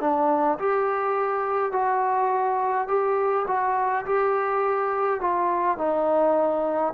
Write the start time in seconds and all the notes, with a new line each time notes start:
0.00 D4
0.58 G4
1.72 F#4
2.88 G4
3.47 F#4
4.05 G4
5.20 F4
5.78 D#4